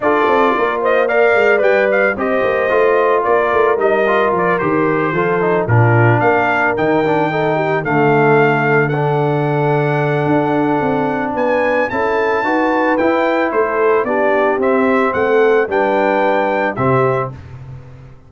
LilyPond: <<
  \new Staff \with { instrumentName = "trumpet" } { \time 4/4 \tempo 4 = 111 d''4. dis''8 f''4 g''8 f''8 | dis''2 d''4 dis''4 | d''8 c''2 ais'4 f''8~ | f''8 g''2 f''4.~ |
f''8 fis''2.~ fis''8~ | fis''4 gis''4 a''2 | g''4 c''4 d''4 e''4 | fis''4 g''2 e''4 | }
  \new Staff \with { instrumentName = "horn" } { \time 4/4 a'4 ais'8 c''8 d''2 | c''2 ais'2~ | ais'4. a'4 f'4 ais'8~ | ais'4. a'8 g'8 a'4.~ |
a'1~ | a'4 b'4 a'4 b'4~ | b'4 a'4 g'2 | a'4 b'2 g'4 | }
  \new Staff \with { instrumentName = "trombone" } { \time 4/4 f'2 ais'4 b'4 | g'4 f'2 dis'8 f'8~ | f'8 g'4 f'8 dis'8 d'4.~ | d'8 dis'8 d'8 dis'4 a4.~ |
a8 d'2.~ d'8~ | d'2 e'4 fis'4 | e'2 d'4 c'4~ | c'4 d'2 c'4 | }
  \new Staff \with { instrumentName = "tuba" } { \time 4/4 d'8 c'8 ais4. gis8 g4 | c'8 ais8 a4 ais8 a8 g4 | f8 dis4 f4 ais,4 ais8~ | ais8 dis2 d4.~ |
d2. d'4 | c'4 b4 cis'4 dis'4 | e'4 a4 b4 c'4 | a4 g2 c4 | }
>>